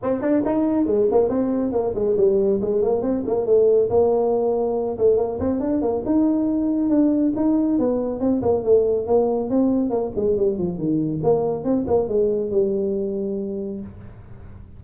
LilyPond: \new Staff \with { instrumentName = "tuba" } { \time 4/4 \tempo 4 = 139 c'8 d'8 dis'4 gis8 ais8 c'4 | ais8 gis8 g4 gis8 ais8 c'8 ais8 | a4 ais2~ ais8 a8 | ais8 c'8 d'8 ais8 dis'2 |
d'4 dis'4 b4 c'8 ais8 | a4 ais4 c'4 ais8 gis8 | g8 f8 dis4 ais4 c'8 ais8 | gis4 g2. | }